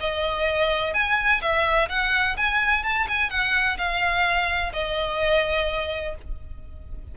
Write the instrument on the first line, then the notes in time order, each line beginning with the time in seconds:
violin
0.00 D#5
0.94 G#5
1.41 E5
1.89 F#5
2.37 G#5
2.83 A5
3.08 G#5
3.30 F#5
3.78 F5
4.73 D#5